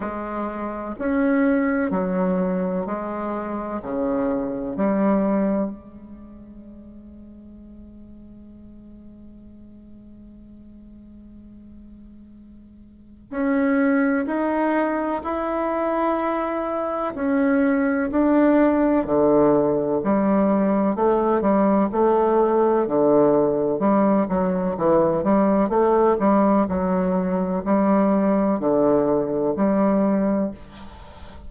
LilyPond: \new Staff \with { instrumentName = "bassoon" } { \time 4/4 \tempo 4 = 63 gis4 cis'4 fis4 gis4 | cis4 g4 gis2~ | gis1~ | gis2 cis'4 dis'4 |
e'2 cis'4 d'4 | d4 g4 a8 g8 a4 | d4 g8 fis8 e8 g8 a8 g8 | fis4 g4 d4 g4 | }